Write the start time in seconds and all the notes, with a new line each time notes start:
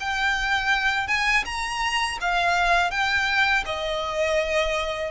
0.00 G5
1.08 G#5
1.46 A#5
2.21 F5
2.91 G5
3.66 D#5